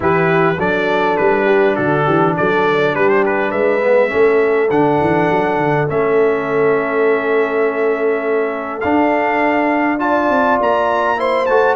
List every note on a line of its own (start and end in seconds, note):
0.00 0.57 E3
0.00 0.55 E4
0.00 0.57 G4
0.00 0.60 B4
0.57 1.17 F#3
0.57 3.81 D4
0.57 1.45 A4
0.57 1.16 D5
1.16 1.78 G3
1.16 1.75 B4
1.45 1.74 G4
1.75 2.07 D3
1.75 2.04 F#4
1.75 2.34 A4
2.04 2.37 E3
2.04 2.34 G4
2.37 2.94 F#3
2.37 2.95 A4
2.37 2.95 D5
2.94 3.52 G3
2.94 3.49 G4
2.94 3.09 B4
3.09 3.23 C5
3.25 3.51 B4
3.49 4.11 G#3
3.49 4.08 B4
3.49 4.69 E5
3.81 4.08 B3
4.08 4.70 A3
4.08 4.67 C#4
4.08 9.99 A4
4.70 4.99 D3
4.70 5.87 D4
4.70 5.88 F#5
5.00 5.29 E3
5.30 5.57 F#3
5.57 5.87 D3
5.87 8.83 A3
5.87 8.82 C#4
5.87 8.80 E5
8.80 9.99 D4
8.80 10.30 D4
8.80 9.98 F5
9.99 11.16 F4
9.99 11.18 D5
9.99 10.58 A5
10.30 10.59 C4
10.61 11.49 A#3
10.61 11.20 A#5
11.16 11.45 E4
11.16 11.76 C5
11.16 11.45 C6
11.45 11.76 A3
11.45 11.76 F#4
11.45 11.75 A5